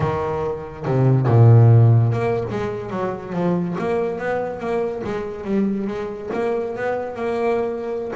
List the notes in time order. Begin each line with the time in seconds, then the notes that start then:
0.00 D#3
0.85 C3
1.26 A#2
2.12 A#3
2.50 G#3
2.90 F#3
3.33 F3
3.78 A#3
4.18 B3
4.59 A#3
5.04 G#3
5.44 G3
5.87 G#3
6.33 A#3
6.76 B3
7.15 A#3